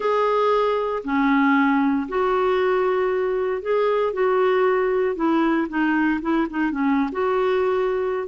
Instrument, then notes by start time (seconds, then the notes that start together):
clarinet
0.00 G#4
1.04 C#4
2.08 F#4
3.62 G#4
4.13 F#4
5.15 E4
5.68 D#4
6.21 E4
6.49 D#4
6.71 C#4
7.11 F#4